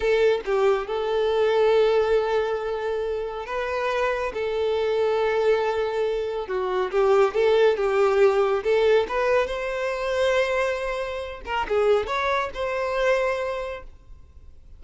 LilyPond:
\new Staff \with { instrumentName = "violin" } { \time 4/4 \tempo 4 = 139 a'4 g'4 a'2~ | a'1 | b'2 a'2~ | a'2. fis'4 |
g'4 a'4 g'2 | a'4 b'4 c''2~ | c''2~ c''8 ais'8 gis'4 | cis''4 c''2. | }